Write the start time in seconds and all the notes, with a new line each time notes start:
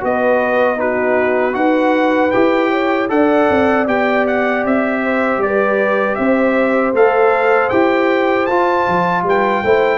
0.00 B3 F#4 B4 D#5
0.76 D#4 F#4 B4
1.52 D#4 F#4 B4 F#5
2.31 E4 G4 G5
2.70 C#5
3.09 D4 A4 D5 F#5
3.50 C4
3.87 B3 G4 G5
4.27 F#5
4.64 C4 E5
5.03 C5
5.38 G3 D5
5.45 B4
6.15 C4 C5 E5
6.93 A3 A4 F5
7.69 E4 G4 G5
8.46 F4 A5
8.88 F3
9.23 G3 B4 G5
9.63 A3 E4 C5